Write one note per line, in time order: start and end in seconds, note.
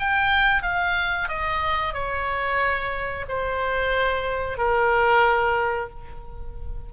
0.00 0.63 G5
0.63 1.28 F5
1.28 1.94 D#5
1.94 3.25 C#5
3.28 4.58 C5
4.58 5.90 A#4